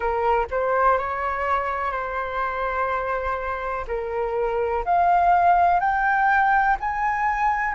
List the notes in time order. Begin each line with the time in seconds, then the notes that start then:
0.00 A#4
0.50 C5
0.98 C#5
1.91 C5
3.87 A#4
4.84 F5
5.80 G5
6.80 G#5